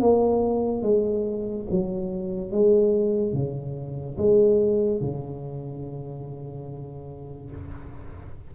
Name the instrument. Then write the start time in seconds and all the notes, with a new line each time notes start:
tuba
0.00 A#3
0.82 G#3
1.70 F#3
2.51 G#3
3.33 C#3
4.18 G#3
5.01 C#3